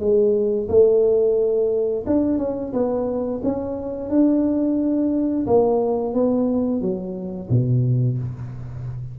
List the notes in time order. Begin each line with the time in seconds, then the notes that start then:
0.00 G#3
0.69 A3
2.07 D4
2.39 C#4
2.73 B3
3.44 C#4
4.10 D4
5.47 A#3
6.14 B3
6.82 F#3
7.50 B2